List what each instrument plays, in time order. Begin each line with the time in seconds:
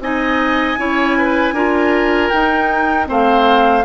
0.00 bassoon C4, clarinet D#4, oboe D#5, flute G#5
0.78 bassoon C#4, clarinet E4, oboe C#5
1.18 oboe B4
1.53 bassoon D4, clarinet F4, oboe A#4
2.29 clarinet D#4, bassoon D#4, flute G5
3.07 bassoon A3, clarinet C4, oboe C5, flute F5